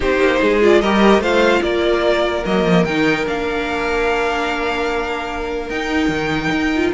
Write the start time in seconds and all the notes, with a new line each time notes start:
0.00 C4 D#4 G4 C5
0.19 A#3
0.41 G#3 G#4
0.61 F4 D5
0.81 G3 G4 A#4 D#5
1.18 A3 F4 C5 F5
1.62 A#3 A#4 D5
2.45 F#3 A#3 D#5
2.64 F3
2.84 D#3 D#4 G5
3.25 A#3 D4 F5
5.69 D#4 G5
6.08 D#3
6.50 D#4
6.76 F4